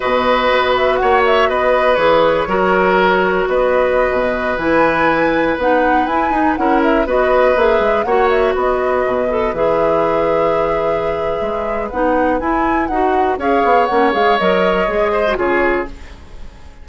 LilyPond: <<
  \new Staff \with { instrumentName = "flute" } { \time 4/4 \tempo 4 = 121 dis''4. e''8 fis''8 e''8 dis''4 | cis''2. dis''4~ | dis''4~ dis''16 gis''2 fis''8.~ | fis''16 gis''4 fis''8 e''8 dis''4 e''8.~ |
e''16 fis''8 e''8 dis''2 e''8.~ | e''1 | fis''4 gis''4 fis''4 f''4 | fis''8 f''8 dis''2 cis''4 | }
  \new Staff \with { instrumentName = "oboe" } { \time 4/4 b'2 cis''4 b'4~ | b'4 ais'2 b'4~ | b'1~ | b'4~ b'16 ais'4 b'4.~ b'16~ |
b'16 cis''4 b'2~ b'8.~ | b'1~ | b'2. cis''4~ | cis''2~ cis''8 c''8 gis'4 | }
  \new Staff \with { instrumentName = "clarinet" } { \time 4/4 fis'1 | gis'4 fis'2.~ | fis'4~ fis'16 e'2 dis'8.~ | dis'16 e'8 dis'8 e'4 fis'4 gis'8.~ |
gis'16 fis'2~ fis'8 a'8 gis'8.~ | gis'1 | dis'4 e'4 fis'4 gis'4 | cis'8 gis'8 ais'4 gis'8. fis'16 f'4 | }
  \new Staff \with { instrumentName = "bassoon" } { \time 4/4 b,4 b4 ais4 b4 | e4 fis2 b4~ | b16 b,4 e2 b8.~ | b16 e'8 dis'8 cis'4 b4 ais8 gis16~ |
gis16 ais4 b4 b,4 e8.~ | e2. gis4 | b4 e'4 dis'4 cis'8 b8 | ais8 gis8 fis4 gis4 cis4 | }
>>